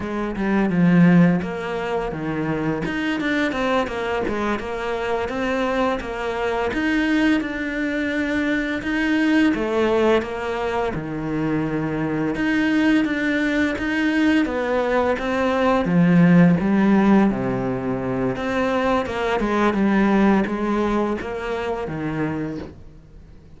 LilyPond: \new Staff \with { instrumentName = "cello" } { \time 4/4 \tempo 4 = 85 gis8 g8 f4 ais4 dis4 | dis'8 d'8 c'8 ais8 gis8 ais4 c'8~ | c'8 ais4 dis'4 d'4.~ | d'8 dis'4 a4 ais4 dis8~ |
dis4. dis'4 d'4 dis'8~ | dis'8 b4 c'4 f4 g8~ | g8 c4. c'4 ais8 gis8 | g4 gis4 ais4 dis4 | }